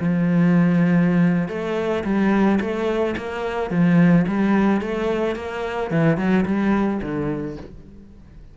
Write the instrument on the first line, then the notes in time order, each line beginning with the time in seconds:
cello
0.00 F3
1.49 A3
2.04 G3
2.61 A3
3.18 A#3
3.71 F3
4.28 G3
4.82 A3
5.36 A#3
5.91 E3
6.18 F#3
6.46 G3
7.02 D3